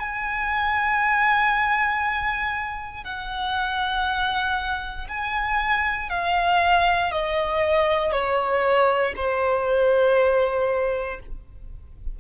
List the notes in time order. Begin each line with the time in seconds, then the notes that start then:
0.00 G#5
3.05 F#5
5.09 G#5
6.10 F5
7.12 D#5
8.13 C#5
9.17 C5